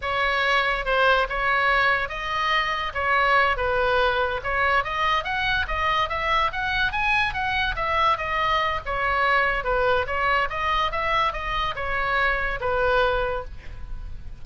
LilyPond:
\new Staff \with { instrumentName = "oboe" } { \time 4/4 \tempo 4 = 143 cis''2 c''4 cis''4~ | cis''4 dis''2 cis''4~ | cis''8 b'2 cis''4 dis''8~ | dis''8 fis''4 dis''4 e''4 fis''8~ |
fis''8 gis''4 fis''4 e''4 dis''8~ | dis''4 cis''2 b'4 | cis''4 dis''4 e''4 dis''4 | cis''2 b'2 | }